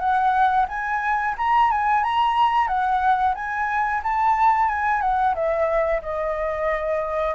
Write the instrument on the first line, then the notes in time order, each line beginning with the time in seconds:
flute
0.00 F#5
0.69 G#5
1.38 A#5
1.72 G#5
2.04 A#5
2.68 F#5
3.35 G#5
4.04 A5
4.69 G#5
5.02 F#5
5.35 E5
6.02 D#5